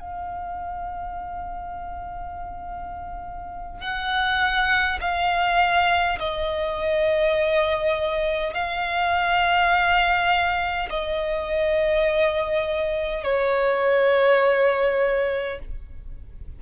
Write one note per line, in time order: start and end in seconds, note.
0.00 3.81 F5
3.81 4.98 F#5
5.01 6.19 F5
6.19 8.53 D#5
8.53 10.89 F5
10.89 13.24 D#5
13.24 15.59 C#5